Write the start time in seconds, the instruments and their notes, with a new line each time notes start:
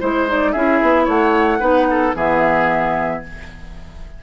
0.00 bassoon G#3, clarinet E4, oboe C5, flute C5
0.28 clarinet D#4, flute D5
0.52 bassoon C#4, clarinet E4, oboe G#4, flute E5
0.82 bassoon B3
1.04 bassoon A3, oboe C#5, flute F#5
1.60 bassoon B3, clarinet D#4, oboe B4
1.91 oboe A4
2.15 bassoon E3, clarinet B3, oboe G#4, flute E5